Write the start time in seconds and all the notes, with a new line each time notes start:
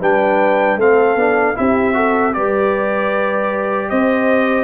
0.00 G3 D4 B4 G5
0.76 A3 C4 A4 F5
1.15 B3 D4
1.55 C4 E4 G4 E5
1.94 F#4 A4
2.33 G3 G4 B4 D5
3.89 C4 C5 D#5